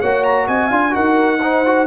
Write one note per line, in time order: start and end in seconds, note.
0.00 0.48 A#3
0.00 0.71 F#4
0.00 0.47 C#5
0.00 0.24 F#5
0.24 0.47 A#5
0.47 0.71 C4
0.47 0.67 D#5
0.47 0.95 G#5
0.67 0.94 D4
0.67 0.91 F4
0.67 0.91 F5
0.91 1.87 D#4
0.91 1.38 F#4
0.91 1.42 A#4
0.91 1.87 F#5
1.42 1.66 D#4
1.42 1.87 C5
1.66 1.87 F#4